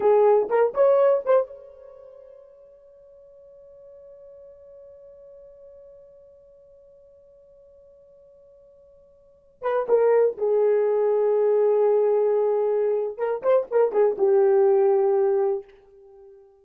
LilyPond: \new Staff \with { instrumentName = "horn" } { \time 4/4 \tempo 4 = 123 gis'4 ais'8 cis''4 c''8 cis''4~ | cis''1~ | cis''1~ | cis''1~ |
cis''2.~ cis''8. b'16~ | b'16 ais'4 gis'2~ gis'8.~ | gis'2. ais'8 c''8 | ais'8 gis'8 g'2. | }